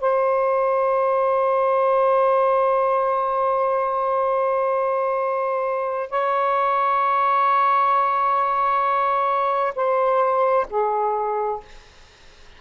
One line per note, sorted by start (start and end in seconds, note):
0.00 6.10 C5
6.10 9.73 C#5
9.75 10.66 C5
10.69 11.60 G#4